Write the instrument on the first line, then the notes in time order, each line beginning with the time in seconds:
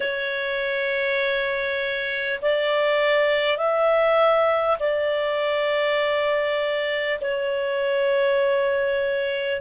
clarinet
0.00 C#5
2.42 D5
3.57 E5
4.79 D5
7.21 C#5